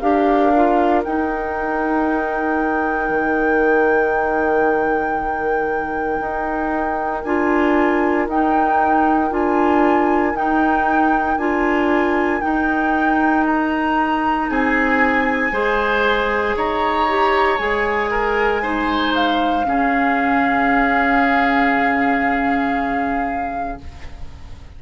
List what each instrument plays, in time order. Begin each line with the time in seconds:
0.00 bassoon D4, clarinet G4, oboe A#4, flute F5
0.56 clarinet F4
1.04 clarinet D#4, bassoon D#4, flute G5
3.10 bassoon D#3
6.20 bassoon D#4
7.24 bassoon D4, clarinet F4, flute G#5
8.28 bassoon D#4, clarinet D#4, flute G5
9.31 bassoon D4, clarinet F4, flute G#5
10.34 bassoon D#4, clarinet D#4, flute G5
11.37 bassoon D4, clarinet F4, flute G#5
12.42 clarinet D#4, bassoon D#4, flute G5
13.47 flute A#5
14.50 bassoon C4, oboe G#4, flute G#5
15.52 bassoon G#3, clarinet G#4, oboe C5
16.56 bassoon D#4, oboe C#5, flute A#5
17.09 clarinet G4
17.58 bassoon G#3, clarinet G#4, flute G#5
18.11 oboe A#4
18.63 clarinet D#4, oboe C5
19.15 flute F5
19.65 bassoon C#3, clarinet C#4, oboe G#4